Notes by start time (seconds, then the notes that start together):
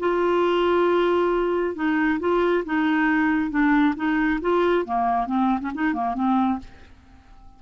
0.00 F4
1.75 D#4
2.20 F4
2.65 D#4
3.51 D4
3.96 D#4
4.41 F4
4.85 A#3
5.27 C4
5.60 C#4
5.75 D#4
5.94 A#3
6.15 C4